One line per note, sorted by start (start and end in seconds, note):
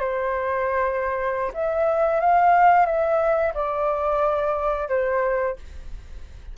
0.00 1.52 C5
1.54 2.20 E5
2.20 2.86 F5
2.86 3.53 E5
3.54 4.89 D5
4.89 5.56 C5